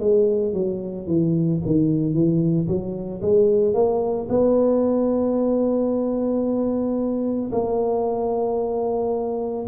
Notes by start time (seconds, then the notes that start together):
0.00 G#3
0.53 F#3
1.07 E3
1.66 D#3
2.14 E3
2.68 F#3
3.22 G#3
3.74 A#3
4.30 B3
7.52 A#3